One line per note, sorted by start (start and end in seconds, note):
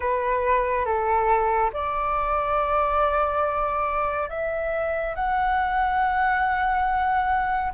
0.00 0.85 B4
0.85 1.70 A4
1.73 4.29 D5
4.29 5.15 E5
5.15 7.72 F#5